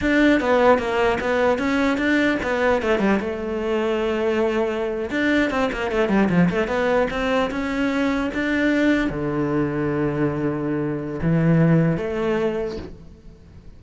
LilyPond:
\new Staff \with { instrumentName = "cello" } { \time 4/4 \tempo 4 = 150 d'4 b4 ais4 b4 | cis'4 d'4 b4 a8 g8 | a1~ | a8. d'4 c'8 ais8 a8 g8 f16~ |
f16 a8 b4 c'4 cis'4~ cis'16~ | cis'8. d'2 d4~ d16~ | d1 | e2 a2 | }